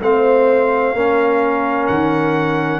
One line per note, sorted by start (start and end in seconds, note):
0.00 0.94 A3
0.00 0.95 C4
0.00 0.95 C5
0.00 1.87 F5
0.94 1.88 A#3
0.94 2.79 C#4
0.94 2.79 A#4
1.87 2.79 D#3
1.87 2.79 F#5